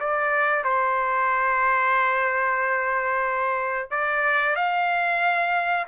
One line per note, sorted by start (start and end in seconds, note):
0.00 0.65 D5
0.65 3.91 C5
3.91 4.56 D5
4.56 5.86 F5